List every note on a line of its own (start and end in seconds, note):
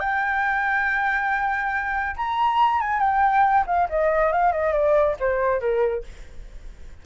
0.00 2.16 G5
2.16 2.81 A#5
2.81 3.00 G#5
3.00 3.65 G5
3.67 3.88 F5
3.90 4.33 D#5
4.33 4.52 F5
4.52 4.73 D#5
4.73 5.16 D5
5.20 5.61 C5
5.61 6.04 A#4